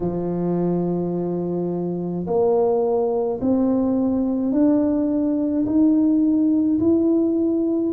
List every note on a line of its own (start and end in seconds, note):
0.00 2.26 F3
2.26 3.40 A#3
3.41 4.51 C4
4.51 5.64 D4
5.66 6.79 D#4
6.79 7.92 E4